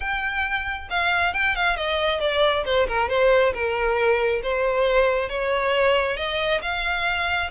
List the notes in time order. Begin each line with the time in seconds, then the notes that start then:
0.00 G5
0.90 F5
1.33 G5
1.55 F5
1.76 D#5
2.20 D5
2.65 C5
2.87 A#4
3.09 C5
3.53 A#4
4.42 C5
5.29 C#5
6.16 D#5
6.62 F5